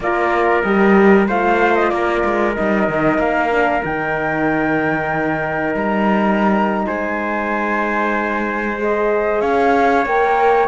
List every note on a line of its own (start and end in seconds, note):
0.00 0.62 A#3
0.00 0.64 F4
0.00 1.28 A#4
0.00 0.61 D5
0.61 1.28 G3
0.61 1.28 G4
0.61 1.25 D#5
1.28 1.91 A3
1.28 2.54 F4
1.28 1.91 C5
1.28 1.75 F5
1.75 1.89 D#5
1.89 2.23 A#3
1.89 6.86 A#4
1.89 2.53 D5
2.24 2.56 G#3
2.54 2.88 G3
2.54 3.50 D#4
2.54 3.19 D#5
2.88 3.18 D#3
3.18 3.82 A#3
3.18 3.82 F5
3.51 3.83 D4
3.84 5.74 D#3
3.84 8.77 D#4
3.84 5.75 G5
5.74 6.86 G3
5.74 6.86 A#5
6.86 9.41 G#3
6.86 9.41 C5
6.86 8.77 G#5
8.77 10.05 G#4
8.77 9.41 D#5
9.41 10.05 C#4
9.41 10.68 C#5
9.41 10.05 F5
10.05 10.68 A#3
10.05 10.68 A#4
10.05 10.68 G5